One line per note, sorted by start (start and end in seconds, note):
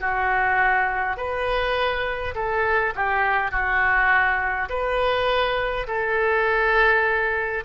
0.00 1.17 F#4
1.17 2.34 B4
2.34 2.93 A4
2.95 3.51 G4
3.51 4.68 F#4
4.69 5.87 B4
5.87 7.64 A4